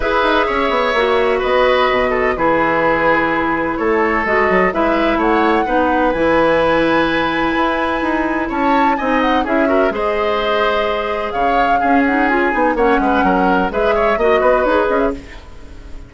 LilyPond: <<
  \new Staff \with { instrumentName = "flute" } { \time 4/4 \tempo 4 = 127 e''2. dis''4~ | dis''4 b'2. | cis''4 dis''4 e''4 fis''4~ | fis''4 gis''2.~ |
gis''2 a''4 gis''8 fis''8 | e''4 dis''2. | f''4. fis''8 gis''4 fis''4~ | fis''4 e''4 dis''4 cis''8 dis''16 e''16 | }
  \new Staff \with { instrumentName = "oboe" } { \time 4/4 b'4 cis''2 b'4~ | b'8 a'8 gis'2. | a'2 b'4 cis''4 | b'1~ |
b'2 cis''4 dis''4 | gis'8 ais'8 c''2. | cis''4 gis'2 cis''8 b'8 | ais'4 b'8 cis''8 dis''8 b'4. | }
  \new Staff \with { instrumentName = "clarinet" } { \time 4/4 gis'2 fis'2~ | fis'4 e'2.~ | e'4 fis'4 e'2 | dis'4 e'2.~ |
e'2. dis'4 | e'8 fis'8 gis'2.~ | gis'4 cis'8 dis'8 f'8 dis'8 cis'4~ | cis'4 gis'4 fis'4 gis'4 | }
  \new Staff \with { instrumentName = "bassoon" } { \time 4/4 e'8 dis'8 cis'8 b8 ais4 b4 | b,4 e2. | a4 gis8 fis8 gis4 a4 | b4 e2. |
e'4 dis'4 cis'4 c'4 | cis'4 gis2. | cis4 cis'4. b8 ais8 gis8 | fis4 gis4 ais8 b8 dis'8 cis'8 | }
>>